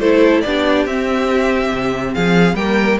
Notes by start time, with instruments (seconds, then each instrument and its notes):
0.00 cello A3, viola E4, violin A4 C5
0.42 cello B3, viola D4, violin G4 D5
0.86 cello C4, viola C4, violin E5
1.72 cello C3
2.15 cello F3, violin G#4 F5
2.55 cello G3, viola A#3, violin A#4 G5